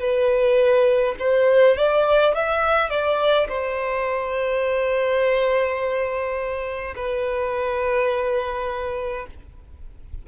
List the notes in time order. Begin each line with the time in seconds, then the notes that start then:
0.00 B4
1.20 C5
1.77 D5
2.35 E5
2.91 D5
3.49 C5
6.96 B4